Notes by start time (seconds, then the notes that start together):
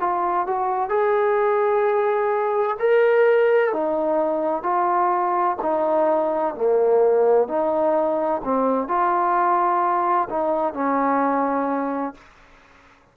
0.00 F4
0.47 F#4
0.89 G#4
2.79 A#4
3.72 D#4
4.63 F4
5.62 D#4
6.55 A#3
7.48 D#4
8.44 C4
8.88 F4
10.29 D#4
10.73 C#4